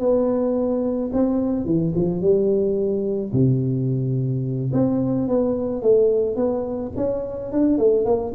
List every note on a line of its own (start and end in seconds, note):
0.00 1.11 B3
1.13 1.65 C4
1.65 1.93 E3
1.95 2.21 F3
2.21 3.32 G3
3.33 4.72 C3
4.73 5.28 C4
5.28 5.82 B3
5.82 6.37 A3
6.37 6.92 B3
6.97 7.52 C#4
7.52 7.78 D4
7.78 8.05 A3
8.05 8.33 A#3